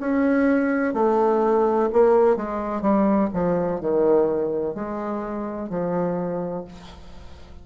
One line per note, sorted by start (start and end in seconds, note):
0.00 0.94 C#4
0.94 1.90 A3
1.93 2.37 A#3
2.37 2.82 G#3
2.82 3.29 G3
3.34 3.81 F3
3.81 4.75 D#3
4.75 5.70 G#3
5.70 6.65 F3